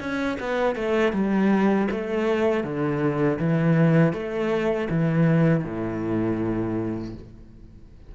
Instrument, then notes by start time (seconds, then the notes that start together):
cello
0.00 C#4
0.40 B3
0.75 A3
1.13 G3
1.91 A3
2.64 D3
3.39 E3
4.13 A3
4.90 E3
5.65 A2